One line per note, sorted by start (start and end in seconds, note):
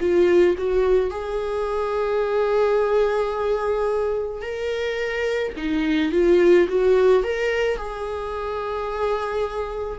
0.00 0.56 F4
0.58 1.11 F#4
1.11 4.42 G#4
4.42 5.53 A#4
5.57 6.12 D#4
6.12 6.67 F4
6.69 7.24 F#4
7.24 7.77 A#4
7.77 9.99 G#4